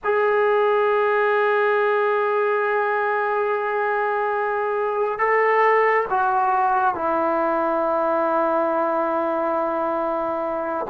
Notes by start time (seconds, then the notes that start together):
0.04 G#4
5.19 A4
6.09 F#4
6.94 E4